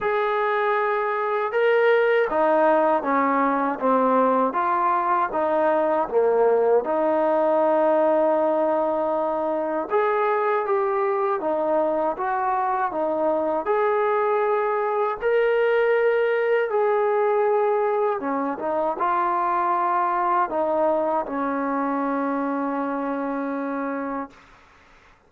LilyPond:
\new Staff \with { instrumentName = "trombone" } { \time 4/4 \tempo 4 = 79 gis'2 ais'4 dis'4 | cis'4 c'4 f'4 dis'4 | ais4 dis'2.~ | dis'4 gis'4 g'4 dis'4 |
fis'4 dis'4 gis'2 | ais'2 gis'2 | cis'8 dis'8 f'2 dis'4 | cis'1 | }